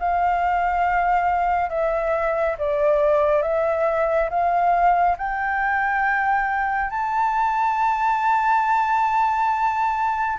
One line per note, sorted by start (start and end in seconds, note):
0.00 1.70 F5
1.70 2.57 E5
2.59 3.43 D5
3.43 4.30 E5
4.30 5.17 F5
5.18 6.91 G5
6.91 10.39 A5